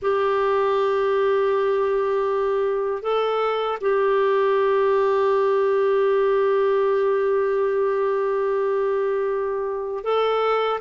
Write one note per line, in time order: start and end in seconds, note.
0.02 3.02 G4
3.02 3.78 A4
3.80 10.04 G4
10.04 10.80 A4